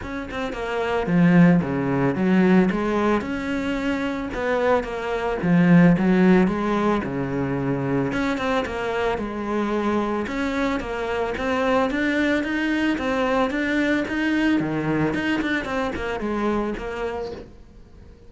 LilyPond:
\new Staff \with { instrumentName = "cello" } { \time 4/4 \tempo 4 = 111 cis'8 c'8 ais4 f4 cis4 | fis4 gis4 cis'2 | b4 ais4 f4 fis4 | gis4 cis2 cis'8 c'8 |
ais4 gis2 cis'4 | ais4 c'4 d'4 dis'4 | c'4 d'4 dis'4 dis4 | dis'8 d'8 c'8 ais8 gis4 ais4 | }